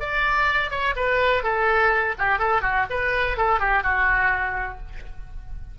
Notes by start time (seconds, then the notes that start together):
0.00 D5
0.71 C#5
0.96 B4
1.44 A4
2.19 G4
2.39 A4
2.62 F#4
2.90 B4
3.37 A4
3.60 G4
3.83 F#4